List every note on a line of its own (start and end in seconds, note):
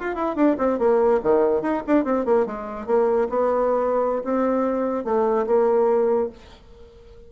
0.00 0.15 F4
0.15 0.36 E4
0.36 0.57 D4
0.58 0.79 C4
0.79 1.21 A#3
1.23 1.62 D#3
1.62 1.83 D#4
1.87 2.05 D4
2.05 2.25 C4
2.26 2.46 A#3
2.46 2.87 G#3
2.87 3.28 A#3
3.29 4.23 B3
4.24 5.05 C4
5.05 5.46 A3
5.47 6.30 A#3